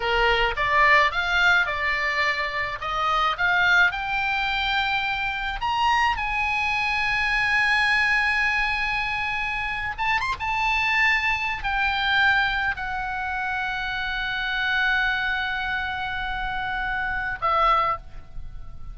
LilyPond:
\new Staff \with { instrumentName = "oboe" } { \time 4/4 \tempo 4 = 107 ais'4 d''4 f''4 d''4~ | d''4 dis''4 f''4 g''4~ | g''2 ais''4 gis''4~ | gis''1~ |
gis''4.~ gis''16 a''8 c'''16 a''4.~ | a''8. g''2 fis''4~ fis''16~ | fis''1~ | fis''2. e''4 | }